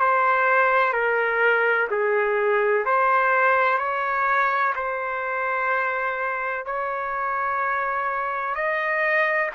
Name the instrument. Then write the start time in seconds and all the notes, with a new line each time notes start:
trumpet
0.00 C5
0.93 A#4
1.91 G#4
2.86 C5
3.78 C#5
4.76 C5
6.66 C#5
8.55 D#5